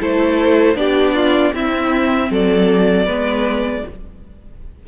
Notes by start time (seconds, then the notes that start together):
0.00 A3 E4 A4 C5
0.74 B3 D4 G4 D5
1.15 F4
1.53 C4 E4 E5
2.30 F#3 A4 D5
3.05 G#3 B3 B4